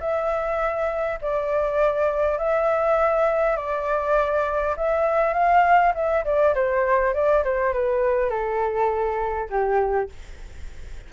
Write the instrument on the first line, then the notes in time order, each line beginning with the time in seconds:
flute
0.00 E5
1.21 D5
2.38 E5
3.56 D5
4.77 E5
5.33 F5
5.94 E5
6.24 D5
6.54 C5
7.14 D5
7.44 C5
7.73 B4
8.30 A4
9.50 G4